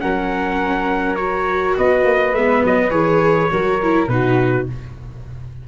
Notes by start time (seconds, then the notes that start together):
0.00 F#3 C#4 A#4 F#5
1.15 F#4 C#5
1.77 B3 B4 D#5
2.04 A#3
2.32 G#3 B3 E5
2.64 F#3 D#5
2.90 E3 G#4 C#5
3.51 F#3 F#4 A#4
3.82 E4
4.07 B2 D#4 F#4 B4